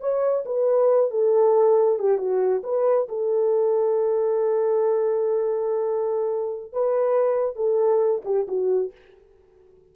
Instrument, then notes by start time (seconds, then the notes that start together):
horn
0.00 C#5
0.45 B4
1.10 A4
1.99 G4
2.18 F#4
2.63 B4
3.09 A4
6.72 B4
7.56 A4
8.25 G4
8.48 F#4